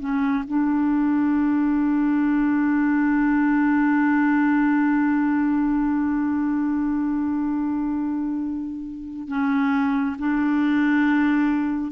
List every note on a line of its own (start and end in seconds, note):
0.00 0.44 C#4
0.47 9.28 D4
9.28 10.16 C#4
10.19 11.92 D4